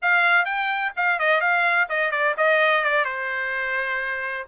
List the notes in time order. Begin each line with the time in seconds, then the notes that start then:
0.02 F5
0.45 G5
0.96 F5
1.19 D#5
1.40 F5
1.89 D#5
2.11 D5
2.37 D#5
2.84 D5
3.04 C5